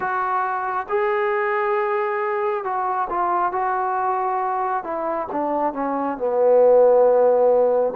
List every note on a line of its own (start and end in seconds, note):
0.00 0.86 F#4
0.88 2.64 G#4
2.64 3.08 F#4
3.09 3.52 F4
3.52 4.83 F#4
4.83 5.27 E4
5.32 5.73 D4
5.73 6.17 C#4
6.17 7.94 B3